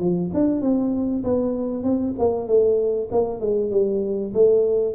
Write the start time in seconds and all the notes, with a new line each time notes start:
0.00 F3
0.34 D4
0.62 C4
1.24 B3
1.84 C4
2.19 A#3
2.48 A3
3.12 A#3
3.41 G#3
3.71 G3
4.34 A3